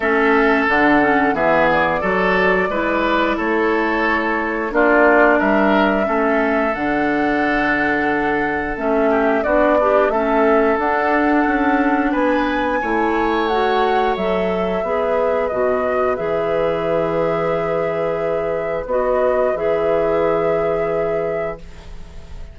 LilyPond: <<
  \new Staff \with { instrumentName = "flute" } { \time 4/4 \tempo 4 = 89 e''4 fis''4 e''8 d''4.~ | d''4 cis''2 d''4 | e''2 fis''2~ | fis''4 e''4 d''4 e''4 |
fis''2 gis''2 | fis''4 e''2 dis''4 | e''1 | dis''4 e''2. | }
  \new Staff \with { instrumentName = "oboe" } { \time 4/4 a'2 gis'4 a'4 | b'4 a'2 f'4 | ais'4 a'2.~ | a'4. g'8 fis'8 d'8 a'4~ |
a'2 b'4 cis''4~ | cis''2 b'2~ | b'1~ | b'1 | }
  \new Staff \with { instrumentName = "clarinet" } { \time 4/4 cis'4 d'8 cis'8 b4 fis'4 | e'2. d'4~ | d'4 cis'4 d'2~ | d'4 cis'4 d'8 g'8 cis'4 |
d'2. e'4 | fis'4 a'4 gis'4 fis'4 | gis'1 | fis'4 gis'2. | }
  \new Staff \with { instrumentName = "bassoon" } { \time 4/4 a4 d4 e4 fis4 | gis4 a2 ais4 | g4 a4 d2~ | d4 a4 b4 a4 |
d'4 cis'4 b4 a4~ | a4 fis4 b4 b,4 | e1 | b4 e2. | }
>>